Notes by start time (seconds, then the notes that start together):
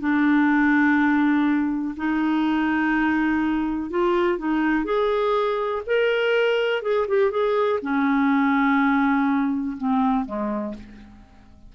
0.00 D4
1.97 D#4
3.90 F4
4.38 D#4
4.85 G#4
5.86 A#4
6.82 G#4
7.08 G4
7.31 G#4
7.82 C#4
9.77 C4
10.26 G#3